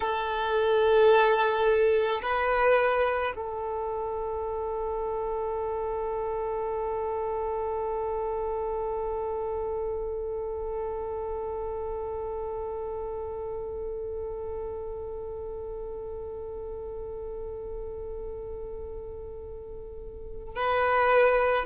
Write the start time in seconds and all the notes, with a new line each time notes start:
0.00 A4
2.22 B4
3.35 A4
20.56 B4